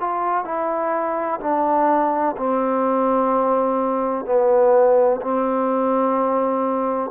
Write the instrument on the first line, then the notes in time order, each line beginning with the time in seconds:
trombone
0.00 F4
0.45 E4
1.41 D4
2.37 C4
4.26 B3
5.22 C4